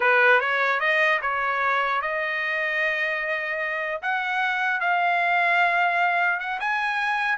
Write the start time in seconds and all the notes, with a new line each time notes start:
0.00 B4
0.40 C#5
0.79 D#5
1.21 C#5
2.01 D#5
4.01 F#5
4.80 F5
6.39 F#5
6.59 G#5